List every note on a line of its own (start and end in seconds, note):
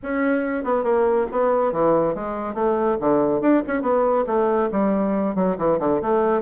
0.02 0.64 C#4
0.64 0.83 B3
0.83 1.26 A#3
1.31 1.72 B3
1.72 2.14 E3
2.14 2.54 G#3
2.54 2.97 A3
3.00 3.41 D3
3.41 3.62 D4
3.67 3.82 C#4
3.82 4.24 B3
4.26 4.69 A3
4.71 5.35 G3
5.35 5.56 F#3
5.58 5.79 E3
5.79 6.01 D3
6.01 6.41 A3